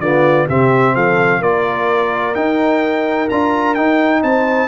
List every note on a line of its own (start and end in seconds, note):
0.00 0.47 D3
0.00 0.49 B3
0.00 0.47 F4
0.00 0.47 D5
0.47 0.96 C3
0.47 1.42 C4
0.47 0.94 G4
0.47 0.96 E5
0.95 1.41 F3
0.95 1.40 A4
0.95 1.42 F5
1.40 2.34 A#3
1.40 2.35 F4
1.40 4.21 A#4
1.40 2.35 D5
2.35 3.29 D#4
2.35 3.29 G5
3.29 3.77 D4
3.29 3.76 F4
3.29 3.75 A#5
3.75 4.68 D#4
3.75 4.23 D#4
3.75 4.21 G5
4.23 4.68 C4
4.23 4.68 C5
4.23 4.68 A5